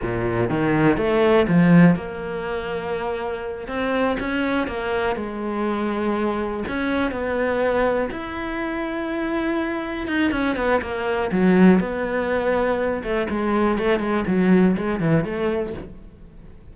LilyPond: \new Staff \with { instrumentName = "cello" } { \time 4/4 \tempo 4 = 122 ais,4 dis4 a4 f4 | ais2.~ ais8 c'8~ | c'8 cis'4 ais4 gis4.~ | gis4. cis'4 b4.~ |
b8 e'2.~ e'8~ | e'8 dis'8 cis'8 b8 ais4 fis4 | b2~ b8 a8 gis4 | a8 gis8 fis4 gis8 e8 a4 | }